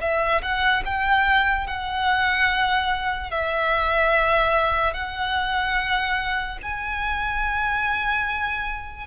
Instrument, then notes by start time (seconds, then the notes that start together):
violin
0.00 E5
0.41 F#5
0.85 G5
1.66 F#5
3.31 E5
4.93 F#5
6.62 G#5